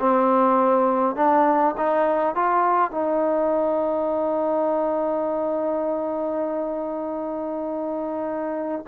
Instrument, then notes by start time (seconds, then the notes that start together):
trombone
0.00 C4
1.16 D4
1.77 D#4
2.35 F4
2.91 D#4